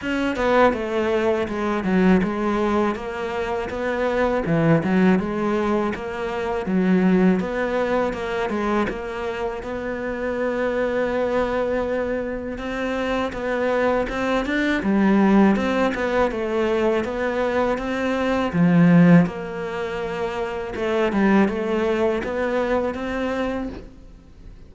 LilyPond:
\new Staff \with { instrumentName = "cello" } { \time 4/4 \tempo 4 = 81 cis'8 b8 a4 gis8 fis8 gis4 | ais4 b4 e8 fis8 gis4 | ais4 fis4 b4 ais8 gis8 | ais4 b2.~ |
b4 c'4 b4 c'8 d'8 | g4 c'8 b8 a4 b4 | c'4 f4 ais2 | a8 g8 a4 b4 c'4 | }